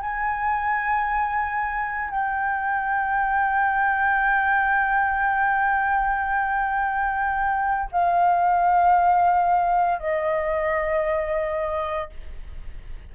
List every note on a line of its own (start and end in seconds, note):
0.00 2.10 G#5
2.10 7.89 G5
7.91 9.99 F5
9.99 12.09 D#5